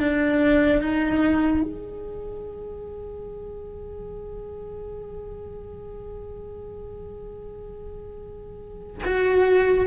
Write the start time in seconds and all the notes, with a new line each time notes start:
0.00 D4
0.81 D#4
1.63 G#4
9.05 F#4